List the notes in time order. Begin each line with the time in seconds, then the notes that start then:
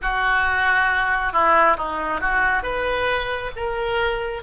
0.02 F#4
1.32 E4
1.77 D#4
2.21 F#4
2.62 B4
3.56 A#4